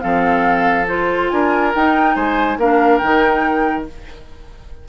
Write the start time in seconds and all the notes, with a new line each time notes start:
0.00 F3 C4 A4 F5
0.88 F4 C5
1.29 D4 A#4 G#5
1.75 D#4 G5
2.15 G#3 C5 G#5
2.57 A#3 D4 A#4 F5
2.98 D#3 D#4 G5